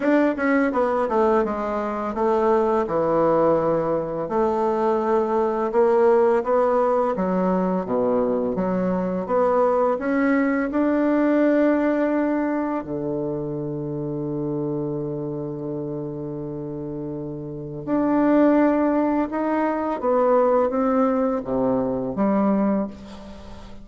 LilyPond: \new Staff \with { instrumentName = "bassoon" } { \time 4/4 \tempo 4 = 84 d'8 cis'8 b8 a8 gis4 a4 | e2 a2 | ais4 b4 fis4 b,4 | fis4 b4 cis'4 d'4~ |
d'2 d2~ | d1~ | d4 d'2 dis'4 | b4 c'4 c4 g4 | }